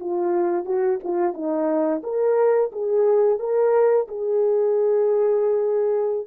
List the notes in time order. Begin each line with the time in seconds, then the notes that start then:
0.00 F4
0.65 F#4
1.04 F4
1.34 D#4
2.03 A#4
2.72 G#4
3.39 A#4
4.08 G#4